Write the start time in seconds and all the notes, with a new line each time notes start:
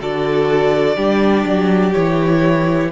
0.00 D3 F#4 A4 D5
0.97 G3 D4 G4
1.46 F#3
1.93 E3 E4 C#5